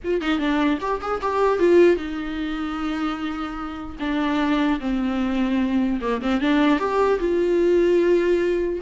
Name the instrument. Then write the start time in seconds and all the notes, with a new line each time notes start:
viola
0.04 F4
0.21 D#4
0.38 D4
0.80 G4
1.01 G#4
1.21 G4
1.59 F4
1.96 D#4
3.99 D4
4.79 C4
6.01 A#3
6.21 C4
6.40 D4
6.79 G4
7.19 F4